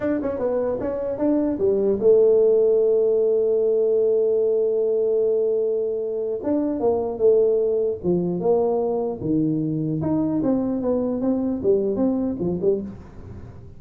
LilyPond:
\new Staff \with { instrumentName = "tuba" } { \time 4/4 \tempo 4 = 150 d'8 cis'8 b4 cis'4 d'4 | g4 a2.~ | a1~ | a1 |
d'4 ais4 a2 | f4 ais2 dis4~ | dis4 dis'4 c'4 b4 | c'4 g4 c'4 f8 g8 | }